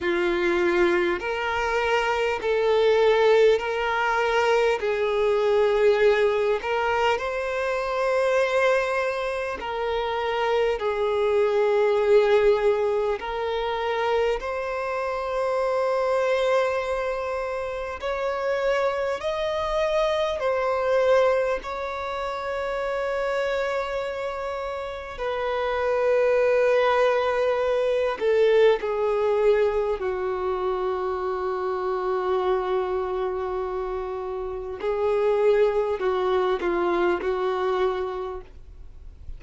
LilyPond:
\new Staff \with { instrumentName = "violin" } { \time 4/4 \tempo 4 = 50 f'4 ais'4 a'4 ais'4 | gis'4. ais'8 c''2 | ais'4 gis'2 ais'4 | c''2. cis''4 |
dis''4 c''4 cis''2~ | cis''4 b'2~ b'8 a'8 | gis'4 fis'2.~ | fis'4 gis'4 fis'8 f'8 fis'4 | }